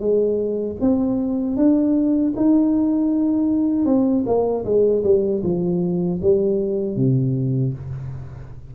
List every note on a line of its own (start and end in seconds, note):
0.00 0.77 G#3
0.81 1.57 C4
1.57 2.34 D4
2.37 3.86 D#4
3.86 4.24 C4
4.26 4.65 A#3
4.65 5.04 G#3
5.04 5.42 G3
5.43 6.20 F3
6.22 6.97 G3
6.97 7.73 C3